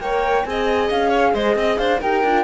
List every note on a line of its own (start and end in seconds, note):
0.00 0.44 A#3
0.00 0.45 A#4
0.00 0.46 C#5
0.00 0.44 G5
0.44 0.90 C4
0.44 2.01 G#4
0.44 1.09 D#5
0.44 0.89 G#5
0.90 1.34 C#4
0.90 1.35 F5
1.09 1.31 C#5
1.34 1.56 G#3
1.34 1.57 C5
1.34 1.78 D#5
1.56 1.78 C4
1.56 1.79 D#5
1.78 2.01 D4
1.78 2.00 C5
1.78 2.00 F5
2.00 2.23 D#4
2.00 2.25 G4
2.00 2.43 A#4
2.00 2.43 G5
2.23 2.43 D4
2.23 2.43 F4